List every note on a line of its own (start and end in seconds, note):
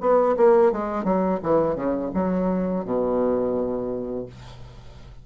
0.00 0.35 B3
0.36 0.72 A#3
0.72 1.03 G#3
1.03 1.39 F#3
1.42 1.75 E3
1.75 2.10 C#3
2.14 2.84 F#3
2.84 4.25 B2